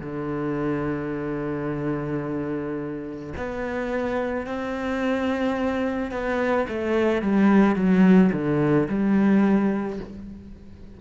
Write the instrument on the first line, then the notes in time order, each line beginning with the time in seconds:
cello
0.00 D3
3.37 B3
4.46 C4
6.11 B3
6.69 A3
7.22 G3
7.75 F#3
8.32 D3
8.89 G3